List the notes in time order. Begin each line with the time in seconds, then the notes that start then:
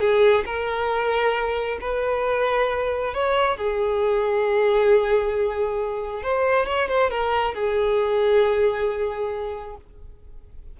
0.00 G#4
0.45 A#4
1.81 B4
3.14 C#5
3.57 G#4
6.23 C5
6.66 C#5
6.88 C5
7.10 A#4
7.54 G#4